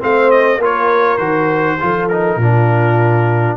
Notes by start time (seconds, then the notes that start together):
0.00 A3 C4 C5 F5
0.31 D#5
0.58 A#3 F4 A#4
0.65 C#5
1.18 D#3 F#4 C5
1.80 F3 F4 A4
2.09 D#4 A#4
2.36 A#2 D4 F4